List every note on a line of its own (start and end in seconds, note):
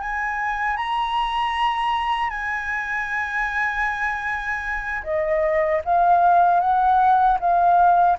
0.00 0.76 G#5
0.76 2.30 A#5
2.30 5.02 G#5
5.03 5.81 D#5
5.84 6.60 F5
6.60 7.38 F#5
7.40 8.17 F5